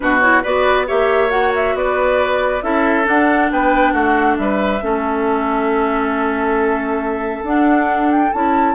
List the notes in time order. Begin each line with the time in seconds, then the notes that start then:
0.00 B2 D4 F#4 B4
0.20 E4 C#5
0.42 B3 F#4 B4 D5
0.86 A#3 G4 C#5 E5
1.29 F#4 F#5
1.55 E5
1.74 B3 B4 D5
2.61 C#4 E4 A4 E5
3.04 D4 F#5
3.51 B3 B4 G5
3.92 A3 F#4 F#5
4.37 G3 B4 E5
4.81 A3 C#4 A4
7.43 D4 F#5
8.11 G5
8.32 C#4 E4 A5